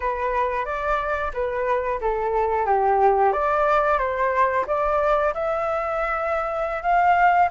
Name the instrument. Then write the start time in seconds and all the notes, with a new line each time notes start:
flute
0.00 B4
0.65 D5
1.33 B4
2.00 A4
2.65 G4
3.32 D5
3.98 C5
4.66 D5
5.34 E5
6.82 F5